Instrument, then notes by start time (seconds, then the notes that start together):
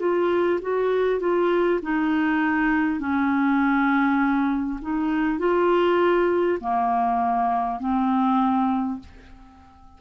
clarinet
0.00 F4
0.62 F#4
1.20 F4
1.83 D#4
3.00 C#4
4.82 D#4
5.39 F4
6.61 A#3
7.80 C4